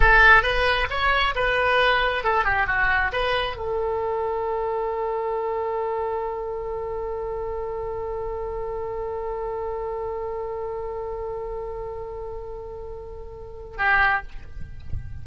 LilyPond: \new Staff \with { instrumentName = "oboe" } { \time 4/4 \tempo 4 = 135 a'4 b'4 cis''4 b'4~ | b'4 a'8 g'8 fis'4 b'4 | a'1~ | a'1~ |
a'1~ | a'1~ | a'1~ | a'2. g'4 | }